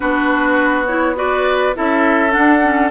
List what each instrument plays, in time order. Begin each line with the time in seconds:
0.00 bassoon B3, clarinet D4, oboe F#4, flute B4
0.86 clarinet E4, flute C#5
1.15 clarinet F#4, oboe B4, flute D5
1.74 bassoon C#4, clarinet E4, oboe A4, flute E5
2.30 clarinet D4, flute F#5
2.36 bassoon D4
2.63 clarinet C#4